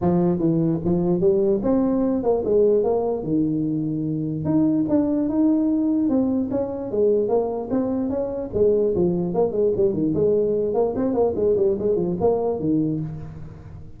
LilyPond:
\new Staff \with { instrumentName = "tuba" } { \time 4/4 \tempo 4 = 148 f4 e4 f4 g4 | c'4. ais8 gis4 ais4 | dis2. dis'4 | d'4 dis'2 c'4 |
cis'4 gis4 ais4 c'4 | cis'4 gis4 f4 ais8 gis8 | g8 dis8 gis4. ais8 c'8 ais8 | gis8 g8 gis8 f8 ais4 dis4 | }